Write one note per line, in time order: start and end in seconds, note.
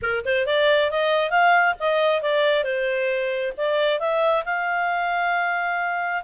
0.02 0.24 A#4
0.25 0.46 C5
0.46 0.91 D5
0.91 1.30 D#5
1.30 1.74 F5
1.79 2.22 D#5
2.22 2.64 D5
2.64 3.53 C5
3.57 3.99 D5
3.99 4.43 E5
4.45 6.23 F5